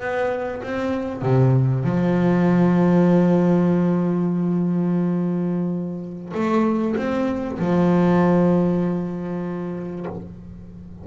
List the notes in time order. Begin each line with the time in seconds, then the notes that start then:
0.00 B3
0.63 C4
1.22 C3
1.84 F3
6.34 A3
6.96 C4
7.59 F3